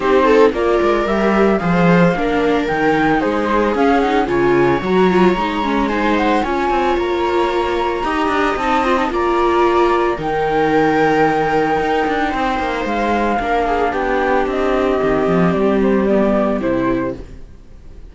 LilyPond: <<
  \new Staff \with { instrumentName = "flute" } { \time 4/4 \tempo 4 = 112 c''4 d''4 e''4 f''4~ | f''4 g''4 c''4 f''8 fis''8 | gis''4 ais''2 gis''8 fis''8 | gis''4 ais''2. |
a''8 c'''16 a''16 ais''2 g''4~ | g''1 | f''2 g''4 dis''4~ | dis''4 d''8 c''8 d''4 c''4 | }
  \new Staff \with { instrumentName = "viola" } { \time 4/4 g'8 a'8 ais'2 c''4 | ais'2 gis'2 | cis''2. c''4 | cis''2. dis''4~ |
dis''4 d''2 ais'4~ | ais'2. c''4~ | c''4 ais'8 gis'8 g'2~ | g'1 | }
  \new Staff \with { instrumentName = "viola" } { \time 4/4 dis'4 f'4 g'4 gis'4 | d'4 dis'2 cis'8 dis'8 | f'4 fis'8 f'8 dis'8 cis'8 dis'4 | f'2. g'4 |
dis'8 f'16 dis'16 f'2 dis'4~ | dis'1~ | dis'4 d'2. | c'2 b4 e'4 | }
  \new Staff \with { instrumentName = "cello" } { \time 4/4 c'4 ais8 gis8 g4 f4 | ais4 dis4 gis4 cis'4 | cis4 fis4 gis2 | cis'8 c'8 ais2 dis'8 d'8 |
c'4 ais2 dis4~ | dis2 dis'8 d'8 c'8 ais8 | gis4 ais4 b4 c'4 | dis8 f8 g2 c4 | }
>>